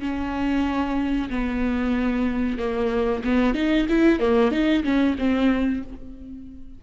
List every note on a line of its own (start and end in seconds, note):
0.00 1.29 C#4
1.30 2.58 B3
2.58 3.23 A#3
3.24 3.55 B3
3.55 3.87 D#4
3.89 4.20 E4
4.20 4.51 A#3
4.51 4.83 D#4
4.84 5.16 C#4
5.18 5.83 C4